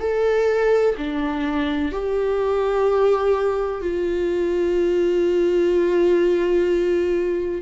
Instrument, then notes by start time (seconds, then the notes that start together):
viola
0.00 A4
0.97 D4
1.92 G4
3.81 F4